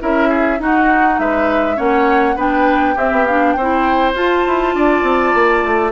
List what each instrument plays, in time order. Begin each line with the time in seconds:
0.00 bassoon C#4, clarinet E4, oboe A#4, flute E5
0.29 oboe G#4
0.59 clarinet D#4, bassoon D#4, oboe F#4, flute F#5
1.19 bassoon G#3, oboe B4, flute E5
1.76 bassoon A#3, clarinet C#4, oboe C#5, flute F#5
2.36 bassoon B3, clarinet D4, oboe B4, flute G5
2.95 bassoon C4, clarinet C4, oboe G4, flute E5
3.12 bassoon B3
3.26 clarinet D4, flute F5
3.53 bassoon C4, oboe C5, flute G5
3.61 clarinet E4
4.15 bassoon F4, clarinet F4, flute A5
4.47 bassoon E4
4.75 bassoon D4, oboe D5
5.03 bassoon C4
5.35 bassoon A#3
5.64 bassoon A3